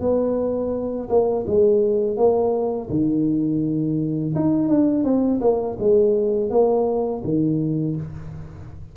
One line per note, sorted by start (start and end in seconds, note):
0.00 1.08 B3
1.09 1.45 A#3
1.47 2.17 G#3
2.17 2.89 A#3
2.89 4.34 D#3
4.35 4.68 D#4
4.68 5.04 D4
5.04 5.40 C4
5.41 5.77 A#3
5.79 6.50 G#3
6.50 7.22 A#3
7.24 7.96 D#3